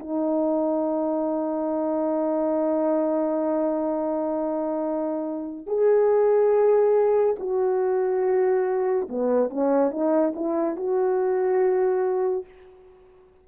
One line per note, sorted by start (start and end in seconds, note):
0.00 5.67 D#4
5.67 7.36 G#4
7.39 9.08 F#4
9.09 9.50 B3
9.50 9.91 C#4
9.91 10.34 D#4
10.36 10.77 E4
10.77 12.46 F#4